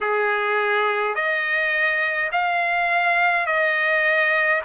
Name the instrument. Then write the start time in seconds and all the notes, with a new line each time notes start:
trumpet
0.00 G#4
1.15 D#5
2.31 F5
3.46 D#5